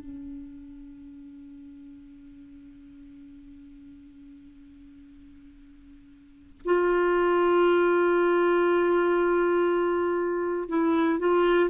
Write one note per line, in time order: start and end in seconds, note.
0.00 6.61 C#4
6.65 10.69 F4
10.69 11.19 E4
11.19 11.70 F4